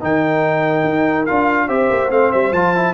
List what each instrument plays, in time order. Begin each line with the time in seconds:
0.00 tuba D#3, trombone D#4, horn A#4, trumpet G5
0.84 tuba D#4
1.26 tuba D4, trombone F4, trumpet F5
1.67 tuba C4, trombone G4, horn C5, trumpet E5
1.90 tuba A#3
2.09 tuba A3, trombone C4, trumpet F5
2.32 tuba G3, trumpet E5
2.51 tuba F3, trombone F4, trumpet A5
2.75 trombone E4